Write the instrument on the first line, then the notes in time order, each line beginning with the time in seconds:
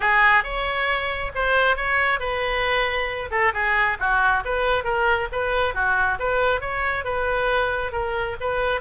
oboe
0.00 G#4
0.43 C#5
1.34 C5
1.76 C#5
2.19 B4
3.30 A4
3.53 G#4
3.99 F#4
4.44 B4
4.84 A#4
5.31 B4
5.74 F#4
6.19 B4
6.61 C#5
7.04 B4
7.92 A#4
8.40 B4